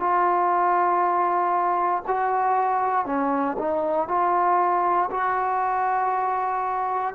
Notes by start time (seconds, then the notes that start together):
0.00 F4
2.08 F#4
3.06 C#4
3.59 D#4
4.09 F4
5.11 F#4